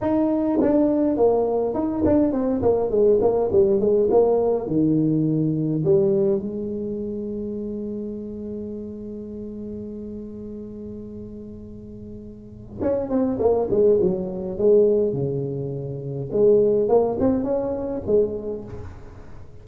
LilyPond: \new Staff \with { instrumentName = "tuba" } { \time 4/4 \tempo 4 = 103 dis'4 d'4 ais4 dis'8 d'8 | c'8 ais8 gis8 ais8 g8 gis8 ais4 | dis2 g4 gis4~ | gis1~ |
gis1~ | gis2 cis'8 c'8 ais8 gis8 | fis4 gis4 cis2 | gis4 ais8 c'8 cis'4 gis4 | }